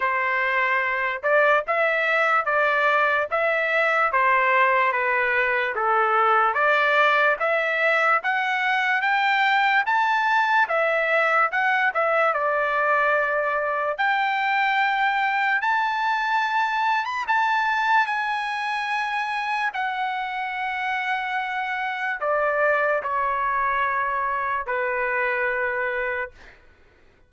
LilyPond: \new Staff \with { instrumentName = "trumpet" } { \time 4/4 \tempo 4 = 73 c''4. d''8 e''4 d''4 | e''4 c''4 b'4 a'4 | d''4 e''4 fis''4 g''4 | a''4 e''4 fis''8 e''8 d''4~ |
d''4 g''2 a''4~ | a''8. b''16 a''4 gis''2 | fis''2. d''4 | cis''2 b'2 | }